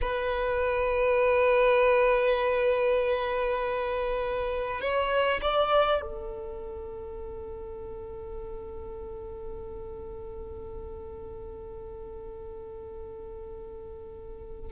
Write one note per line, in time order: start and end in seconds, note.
0.01 4.80 B4
4.80 5.40 C#5
5.41 6.01 D5
6.01 14.71 A4